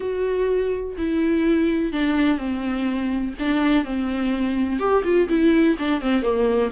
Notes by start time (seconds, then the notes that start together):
0.00 F#4
0.97 E4
1.92 D4
2.38 C4
3.39 D4
3.84 C4
4.79 G4
5.04 F4
5.28 E4
5.78 D4
6.01 C4
6.22 A#3